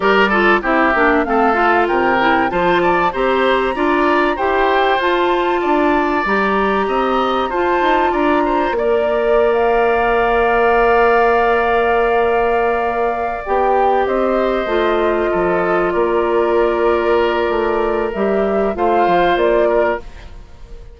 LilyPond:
<<
  \new Staff \with { instrumentName = "flute" } { \time 4/4 \tempo 4 = 96 d''4 e''4 f''4 g''4 | a''4 ais''2 g''4 | a''2 ais''2 | a''4 ais''4 d''4~ d''16 f''8.~ |
f''1~ | f''4. g''4 dis''4.~ | dis''4. d''2~ d''8~ | d''4 e''4 f''4 d''4 | }
  \new Staff \with { instrumentName = "oboe" } { \time 4/4 ais'8 a'8 g'4 a'4 ais'4 | c''8 d''8 c''4 d''4 c''4~ | c''4 d''2 dis''4 | c''4 d''8 c''8 d''2~ |
d''1~ | d''2~ d''8 c''4.~ | c''8 a'4 ais'2~ ais'8~ | ais'2 c''4. ais'8 | }
  \new Staff \with { instrumentName = "clarinet" } { \time 4/4 g'8 f'8 e'8 d'8 c'8 f'4 e'8 | f'4 g'4 f'4 g'4 | f'2 g'2 | f'2 ais'2~ |
ais'1~ | ais'4. g'2 f'8~ | f'1~ | f'4 g'4 f'2 | }
  \new Staff \with { instrumentName = "bassoon" } { \time 4/4 g4 c'8 ais8 a4 c4 | f4 c'4 d'4 e'4 | f'4 d'4 g4 c'4 | f'8 dis'8 d'4 ais2~ |
ais1~ | ais4. b4 c'4 a8~ | a8 f4 ais2~ ais8 | a4 g4 a8 f8 ais4 | }
>>